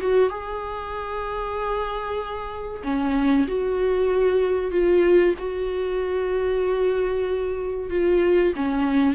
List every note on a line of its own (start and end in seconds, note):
0.00 0.29 F#4
0.29 2.82 G#4
2.83 3.46 C#4
3.47 4.71 F#4
4.71 5.34 F4
5.38 7.90 F#4
7.90 8.53 F4
8.56 9.14 C#4